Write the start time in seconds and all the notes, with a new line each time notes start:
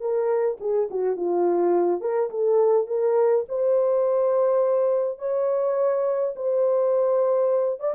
0.00 A#4
0.60 G#4
0.91 F#4
1.16 F4
2.01 A#4
2.30 A4
2.87 A#4
3.49 C5
5.19 C#5
6.36 C5
7.80 D5